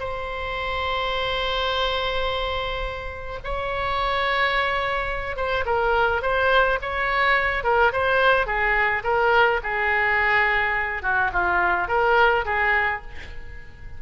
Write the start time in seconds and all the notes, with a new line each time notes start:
0.00 C5
3.44 C#5
5.37 C5
5.66 A#4
6.23 C5
6.82 C#5
7.64 A#4
7.93 C5
8.47 G#4
9.04 A#4
9.64 G#4
11.03 F#4
11.33 F4
11.89 A#4
12.46 G#4